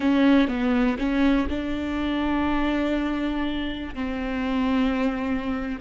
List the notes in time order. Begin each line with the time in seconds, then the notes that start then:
0.00 C#4
0.48 B3
0.98 C#4
1.49 D4
3.95 C4